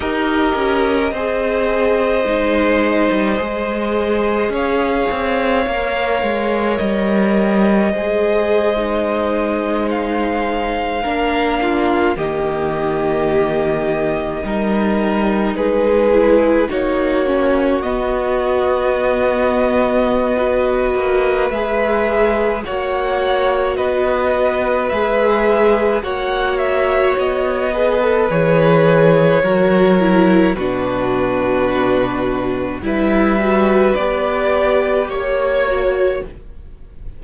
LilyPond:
<<
  \new Staff \with { instrumentName = "violin" } { \time 4/4 \tempo 4 = 53 dis''1 | f''2 dis''2~ | dis''8. f''2 dis''4~ dis''16~ | dis''4.~ dis''16 b'4 cis''4 dis''16~ |
dis''2. e''4 | fis''4 dis''4 e''4 fis''8 e''8 | dis''4 cis''2 b'4~ | b'4 e''4 d''4 cis''4 | }
  \new Staff \with { instrumentName = "violin" } { \time 4/4 ais'4 c''2. | cis''2. c''4~ | c''4.~ c''16 ais'8 f'8 g'4~ g'16~ | g'8. ais'4 gis'4 fis'4~ fis'16~ |
fis'2 b'2 | cis''4 b'2 cis''4~ | cis''8 b'4. ais'4 fis'4~ | fis'4 b'2 cis''4 | }
  \new Staff \with { instrumentName = "viola" } { \time 4/4 g'4 gis'4 dis'4 gis'4~ | gis'4 ais'2 gis'8. dis'16~ | dis'4.~ dis'16 d'4 ais4~ ais16~ | ais8. dis'4. e'8 dis'8 cis'8 b16~ |
b2 fis'4 gis'4 | fis'2 gis'4 fis'4~ | fis'8 gis'16 a'16 gis'4 fis'8 e'8 d'4~ | d'4 e'8 fis'8 g'4. fis'8 | }
  \new Staff \with { instrumentName = "cello" } { \time 4/4 dis'8 cis'8 c'4 gis8. g16 gis4 | cis'8 c'8 ais8 gis8 g4 gis4~ | gis4.~ gis16 ais4 dis4~ dis16~ | dis8. g4 gis4 ais4 b16~ |
b2~ b8 ais8 gis4 | ais4 b4 gis4 ais4 | b4 e4 fis4 b,4~ | b,4 g4 b4 ais4 | }
>>